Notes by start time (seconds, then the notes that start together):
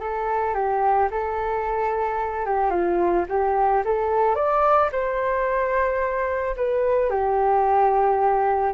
0.00 A4
0.54 G4
1.11 A4
2.45 G4
2.70 F4
3.29 G4
3.85 A4
4.35 D5
4.92 C5
6.57 B4
7.10 G4